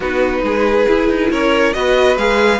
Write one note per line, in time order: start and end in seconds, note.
0.00 0.42 B3
0.00 0.86 D#4
0.00 0.41 F#4
0.00 1.31 B4
0.43 0.86 G#3
0.43 1.31 G#4
0.86 1.73 E4
0.86 1.08 E4
1.08 1.30 D#4
1.30 1.74 C#4
1.30 1.74 A#4
1.30 1.73 C#5
1.73 2.16 B3
1.73 2.17 F#4
1.73 2.59 B4
1.73 2.16 D#5
2.16 2.59 G#3
2.16 2.59 G#4
2.16 2.59 F5